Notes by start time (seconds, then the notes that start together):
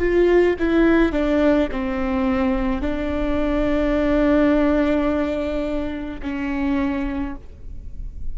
0.00 F4
0.59 E4
1.13 D4
1.72 C4
2.82 D4
6.23 C#4